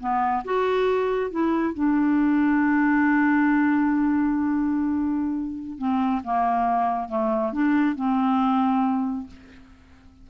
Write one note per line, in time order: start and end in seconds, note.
0.00 0.44 B3
0.45 1.31 F#4
1.31 1.74 E4
1.74 5.79 D4
5.79 6.22 C4
6.24 7.09 A#3
7.09 7.53 A3
7.53 7.96 D4
7.96 9.27 C4